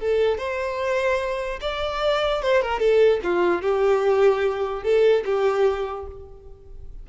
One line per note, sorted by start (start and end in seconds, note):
0.00 0.38 A4
0.38 1.60 C5
1.61 2.42 D5
2.43 2.63 C5
2.63 2.80 A#4
2.80 3.20 A4
3.24 3.62 F4
3.62 4.84 G4
4.84 5.24 A4
5.26 6.07 G4